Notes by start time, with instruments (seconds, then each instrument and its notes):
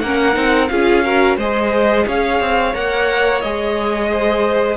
0.00 cello A#3, viola C#4, violin A#4 F#5
0.33 cello C4, viola D#4
0.68 cello C#4, viola F4, violin G#4 F5
1.04 viola F#4, violin A#4
1.37 cello G#3, viola G#4, violin C5 D#5
2.06 cello C#4, violin C#5 F5
2.40 cello C4
2.73 cello A#3, viola A#4, violin F#5
3.41 cello G#3, viola G#4, violin D#5
4.11 violin C5